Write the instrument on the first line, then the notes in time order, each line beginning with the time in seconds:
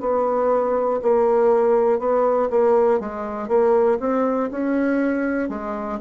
bassoon
0.00 B3
1.02 A#3
1.99 B3
2.50 A#3
3.00 G#3
3.48 A#3
4.00 C4
4.50 C#4
5.49 G#3